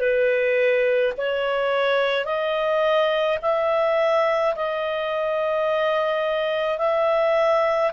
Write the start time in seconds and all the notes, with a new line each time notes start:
0.00 B4
1.17 C#5
2.25 D#5
3.42 E5
4.55 D#5
6.78 E5